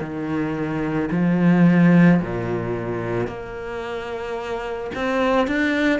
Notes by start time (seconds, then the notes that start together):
0.00 D#3
1.11 F3
2.21 A#2
3.27 A#3
4.95 C4
5.47 D4